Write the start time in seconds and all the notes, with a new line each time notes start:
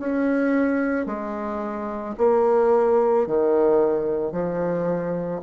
0.00 C#4
1.07 G#3
2.18 A#3
3.27 D#3
4.32 F3